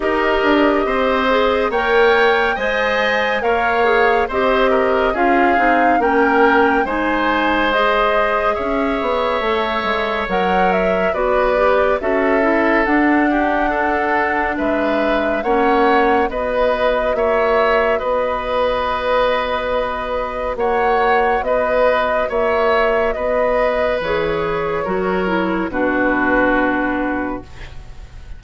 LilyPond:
<<
  \new Staff \with { instrumentName = "flute" } { \time 4/4 \tempo 4 = 70 dis''2 g''4 gis''4 | f''4 dis''4 f''4 g''4 | gis''4 dis''4 e''2 | fis''8 e''8 d''4 e''4 fis''4~ |
fis''4 e''4 fis''4 dis''4 | e''4 dis''2. | fis''4 dis''4 e''4 dis''4 | cis''2 b'2 | }
  \new Staff \with { instrumentName = "oboe" } { \time 4/4 ais'4 c''4 cis''4 dis''4 | cis''4 c''8 ais'8 gis'4 ais'4 | c''2 cis''2~ | cis''4 b'4 a'4. g'8 |
a'4 b'4 cis''4 b'4 | cis''4 b'2. | cis''4 b'4 cis''4 b'4~ | b'4 ais'4 fis'2 | }
  \new Staff \with { instrumentName = "clarinet" } { \time 4/4 g'4. gis'8 ais'4 c''4 | ais'8 gis'8 g'4 f'8 dis'8 cis'4 | dis'4 gis'2 a'4 | ais'4 fis'8 g'8 fis'8 e'8 d'4~ |
d'2 cis'4 fis'4~ | fis'1~ | fis'1 | gis'4 fis'8 e'8 d'2 | }
  \new Staff \with { instrumentName = "bassoon" } { \time 4/4 dis'8 d'8 c'4 ais4 gis4 | ais4 c'4 cis'8 c'8 ais4 | gis2 cis'8 b8 a8 gis8 | fis4 b4 cis'4 d'4~ |
d'4 gis4 ais4 b4 | ais4 b2. | ais4 b4 ais4 b4 | e4 fis4 b,2 | }
>>